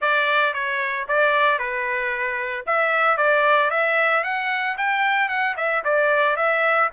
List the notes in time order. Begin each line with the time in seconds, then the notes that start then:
0.01 D5
0.53 C#5
1.08 D5
1.59 B4
2.66 E5
3.17 D5
3.70 E5
4.23 F#5
4.77 G5
5.28 F#5
5.56 E5
5.84 D5
6.36 E5